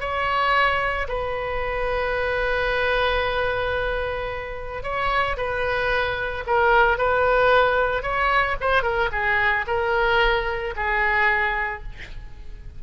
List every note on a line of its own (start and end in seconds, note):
0.00 1.07 C#5
1.08 4.83 B4
4.83 5.36 C#5
5.37 6.44 B4
6.47 6.98 A#4
6.98 8.02 B4
8.02 8.56 C#5
8.61 8.82 C5
8.82 9.09 A#4
9.12 9.65 G#4
9.67 10.74 A#4
10.76 11.83 G#4